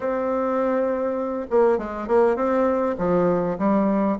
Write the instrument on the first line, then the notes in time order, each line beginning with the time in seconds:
bassoon
0.00 C4
1.50 A#3
1.78 G#3
2.07 A#3
2.36 C4
2.98 F3
3.58 G3